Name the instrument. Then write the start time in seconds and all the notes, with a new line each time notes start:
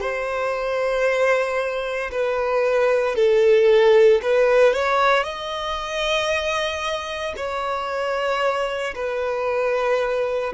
violin
0.00 C5
2.11 B4
3.15 A4
4.22 B4
4.73 C#5
5.23 D#5
7.36 C#5
8.95 B4